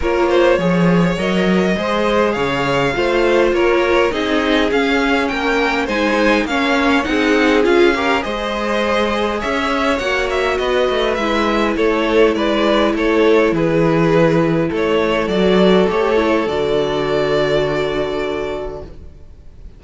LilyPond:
<<
  \new Staff \with { instrumentName = "violin" } { \time 4/4 \tempo 4 = 102 cis''2 dis''2 | f''2 cis''4 dis''4 | f''4 g''4 gis''4 f''4 | fis''4 f''4 dis''2 |
e''4 fis''8 e''8 dis''4 e''4 | cis''4 d''4 cis''4 b'4~ | b'4 cis''4 d''4 cis''4 | d''1 | }
  \new Staff \with { instrumentName = "violin" } { \time 4/4 ais'8 c''8 cis''2 c''4 | cis''4 c''4 ais'4 gis'4~ | gis'4 ais'4 c''4 cis''4 | gis'4. ais'8 c''2 |
cis''2 b'2 | a'4 b'4 a'4 gis'4~ | gis'4 a'2.~ | a'1 | }
  \new Staff \with { instrumentName = "viola" } { \time 4/4 f'4 gis'4 ais'4 gis'4~ | gis'4 f'2 dis'4 | cis'2 dis'4 cis'4 | dis'4 f'8 g'8 gis'2~ |
gis'4 fis'2 e'4~ | e'1~ | e'2 fis'4 g'8 e'8 | fis'1 | }
  \new Staff \with { instrumentName = "cello" } { \time 4/4 ais4 f4 fis4 gis4 | cis4 a4 ais4 c'4 | cis'4 ais4 gis4 ais4 | c'4 cis'4 gis2 |
cis'4 ais4 b8 a8 gis4 | a4 gis4 a4 e4~ | e4 a4 fis4 a4 | d1 | }
>>